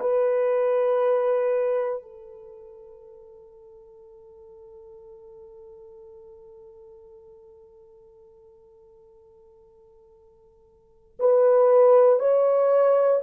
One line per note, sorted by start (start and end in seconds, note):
0.00 2.02 B4
2.02 11.18 A4
11.20 12.19 B4
12.19 13.21 C#5